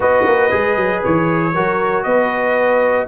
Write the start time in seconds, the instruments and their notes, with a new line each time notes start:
0.00 tuba B3, trombone F#4, horn B4, trumpet D#5
0.26 tuba A#3
0.50 tuba G#3, trombone G#4
0.76 tuba F#3
1.04 tuba E3, trumpet C#5
1.53 tuba F#3, trombone F#4, horn A#4
2.03 tuba B3, horn B4, trumpet D#5